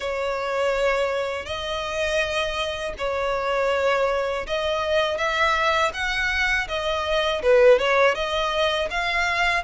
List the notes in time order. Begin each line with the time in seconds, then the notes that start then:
0.00 C#5
1.45 D#5
2.98 C#5
4.46 D#5
5.17 E5
5.93 F#5
6.67 D#5
7.42 B4
7.78 C#5
8.14 D#5
8.90 F5